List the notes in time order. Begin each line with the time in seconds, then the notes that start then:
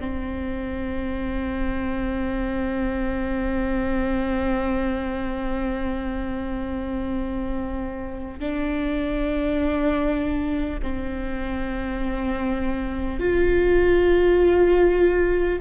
0.00 C4
8.40 D4
10.83 C4
13.19 F4